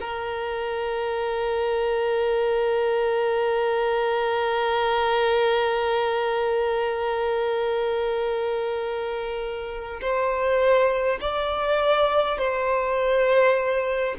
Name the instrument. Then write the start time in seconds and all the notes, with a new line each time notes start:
violin
0.00 A#4
10.01 C5
11.20 D5
12.38 C5